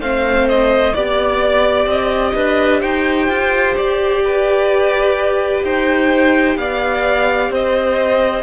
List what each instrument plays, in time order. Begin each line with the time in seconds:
0.00 cello A3, viola C4, violin C5 F5
0.49 violin D#5
0.94 cello B3, viola G4, violin D5
1.86 cello C4, violin D#5
2.35 cello D4, violin B4
2.81 cello D#4, violin C5 G5
3.29 cello F4
3.77 cello G4, violin D5
4.24 violin B4
5.64 cello D#4, violin C5 G5
6.57 cello B3, violin D5 F5
7.50 cello C4, violin C5 D#5